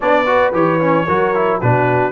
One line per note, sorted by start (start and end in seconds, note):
0.00 0.53 B3
0.00 0.26 D4
0.00 0.22 C#5
0.00 0.54 D5
0.26 0.52 F#4
0.26 1.06 B4
0.53 1.06 E3
0.53 0.80 G4
0.53 1.60 C#5
0.80 1.06 C#4
1.06 1.61 F#3
1.06 1.34 F#4
1.06 1.59 A#4
1.35 1.61 E4
1.59 2.12 B2
1.59 2.12 D4
1.59 2.12 F#4
1.59 2.12 B4